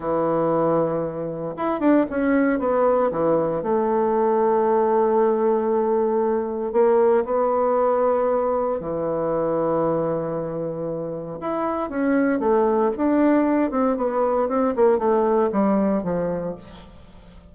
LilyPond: \new Staff \with { instrumentName = "bassoon" } { \time 4/4 \tempo 4 = 116 e2. e'8 d'8 | cis'4 b4 e4 a4~ | a1~ | a4 ais4 b2~ |
b4 e2.~ | e2 e'4 cis'4 | a4 d'4. c'8 b4 | c'8 ais8 a4 g4 f4 | }